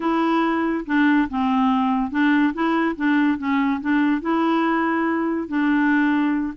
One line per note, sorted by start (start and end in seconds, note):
0.00 0.85 E4
0.86 1.28 D4
1.29 2.10 C4
2.10 2.53 D4
2.53 2.95 E4
2.96 3.38 D4
3.38 3.80 C#4
3.80 4.21 D4
4.21 5.48 E4
5.48 6.53 D4